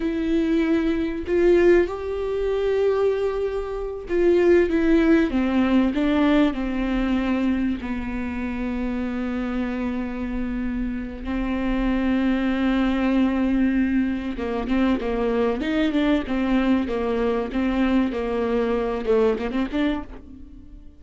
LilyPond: \new Staff \with { instrumentName = "viola" } { \time 4/4 \tempo 4 = 96 e'2 f'4 g'4~ | g'2~ g'8 f'4 e'8~ | e'8 c'4 d'4 c'4.~ | c'8 b2.~ b8~ |
b2 c'2~ | c'2. ais8 c'8 | ais4 dis'8 d'8 c'4 ais4 | c'4 ais4. a8 ais16 c'16 d'8 | }